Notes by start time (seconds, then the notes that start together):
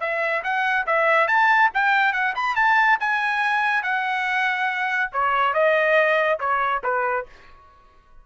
0.00 E5
0.43 F#5
0.86 E5
1.27 A5
1.74 G5
2.12 F#5
2.35 B5
2.55 A5
3.00 G#5
3.83 F#5
5.12 C#5
5.53 D#5
6.39 C#5
6.83 B4